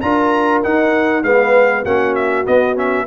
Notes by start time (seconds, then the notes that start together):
0.00 D4 F4 A#4 A#5
0.63 D#4 F#5
1.23 G#3 B3 B4 F5
1.83 A#3 C#4 F#4 F#5
2.15 E5
2.45 B3 D#5
2.75 C#4 E5